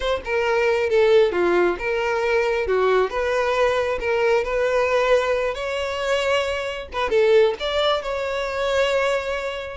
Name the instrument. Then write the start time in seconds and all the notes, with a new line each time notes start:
violin
0.00 C5
0.24 A#4
0.89 A4
1.32 F4
1.78 A#4
2.67 F#4
3.09 B4
4.00 A#4
4.44 B4
5.54 C#5
6.93 B4
7.09 A4
7.59 D5
8.02 C#5